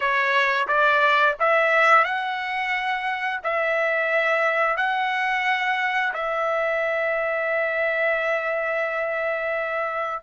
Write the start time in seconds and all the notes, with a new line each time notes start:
0.00 C#5
0.67 D5
1.39 E5
2.04 F#5
3.43 E5
4.77 F#5
6.13 E5